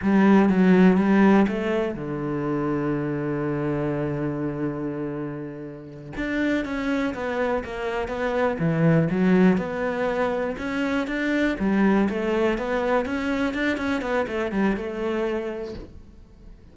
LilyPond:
\new Staff \with { instrumentName = "cello" } { \time 4/4 \tempo 4 = 122 g4 fis4 g4 a4 | d1~ | d1~ | d8 d'4 cis'4 b4 ais8~ |
ais8 b4 e4 fis4 b8~ | b4. cis'4 d'4 g8~ | g8 a4 b4 cis'4 d'8 | cis'8 b8 a8 g8 a2 | }